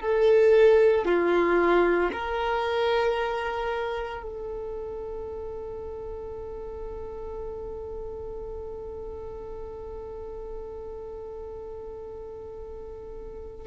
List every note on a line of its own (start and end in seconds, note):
0.00 1.05 A4
1.05 2.10 F4
2.12 4.22 A#4
4.22 13.67 A4